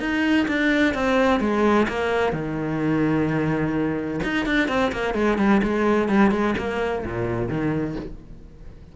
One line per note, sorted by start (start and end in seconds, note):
0.00 0.47 D#4
0.48 0.95 D4
0.95 1.41 C4
1.41 1.87 G#3
1.89 2.33 A#3
2.33 4.20 D#3
4.24 4.46 D#4
4.46 4.69 D4
4.69 4.92 C4
4.93 5.15 A#3
5.15 5.38 G#3
5.38 5.62 G3
5.63 6.09 G#3
6.09 6.31 G3
6.31 6.55 G#3
6.58 7.05 A#3
7.06 7.49 A#2
7.49 7.96 D#3